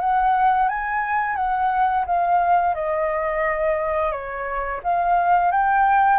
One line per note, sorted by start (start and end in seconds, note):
0.00 0.69 F#5
0.69 1.36 G#5
1.36 2.05 F#5
2.07 2.75 F5
2.75 4.12 D#5
4.12 4.81 C#5
4.84 5.51 F5
5.51 6.19 G5